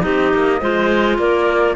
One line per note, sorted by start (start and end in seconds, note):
0.00 0.34 C4
0.00 0.58 D#4
0.00 0.61 G4
0.00 1.18 D#5
0.34 0.62 A#3
0.61 1.19 G#3
0.61 1.76 F4
0.61 1.18 C5
1.19 1.76 A#3
1.19 1.76 A#4
1.19 1.76 D5